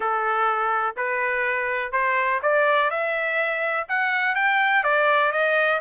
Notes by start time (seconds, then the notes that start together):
0.00 A4
0.96 B4
1.92 C5
2.42 D5
2.90 E5
3.88 F#5
4.35 G5
4.83 D5
5.32 D#5